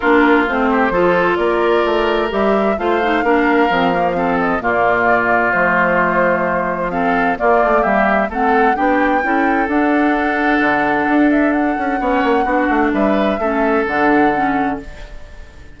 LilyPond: <<
  \new Staff \with { instrumentName = "flute" } { \time 4/4 \tempo 4 = 130 ais'4 c''2 d''4~ | d''4 e''4 f''2~ | f''4. dis''8 d''2 | c''2. f''4 |
d''4 e''4 fis''4 g''4~ | g''4 fis''2.~ | fis''8 e''8 fis''2. | e''2 fis''2 | }
  \new Staff \with { instrumentName = "oboe" } { \time 4/4 f'4. g'8 a'4 ais'4~ | ais'2 c''4 ais'4~ | ais'4 a'4 f'2~ | f'2. a'4 |
f'4 g'4 a'4 g'4 | a'1~ | a'2 cis''4 fis'4 | b'4 a'2. | }
  \new Staff \with { instrumentName = "clarinet" } { \time 4/4 d'4 c'4 f'2~ | f'4 g'4 f'8 dis'8 d'4 | c'8 ais8 c'4 ais2 | a2. c'4 |
ais2 c'4 d'4 | e'4 d'2.~ | d'2 cis'4 d'4~ | d'4 cis'4 d'4 cis'4 | }
  \new Staff \with { instrumentName = "bassoon" } { \time 4/4 ais4 a4 f4 ais4 | a4 g4 a4 ais4 | f2 ais,2 | f1 |
ais8 a8 g4 a4 b4 | cis'4 d'2 d4 | d'4. cis'8 b8 ais8 b8 a8 | g4 a4 d2 | }
>>